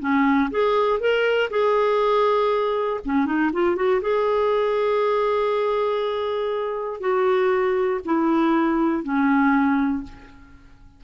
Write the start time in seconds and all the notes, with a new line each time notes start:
0.00 C#4
0.51 G#4
1.00 A#4
1.50 G#4
3.05 C#4
3.26 D#4
3.53 F4
3.76 F#4
4.02 G#4
7.00 F#4
8.05 E4
9.04 C#4